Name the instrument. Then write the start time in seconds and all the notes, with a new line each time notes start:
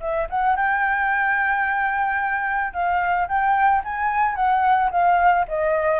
flute
0.00 E5
0.30 F#5
0.56 G5
2.73 F5
3.28 G5
3.84 G#5
4.35 F#5
4.91 F5
5.48 D#5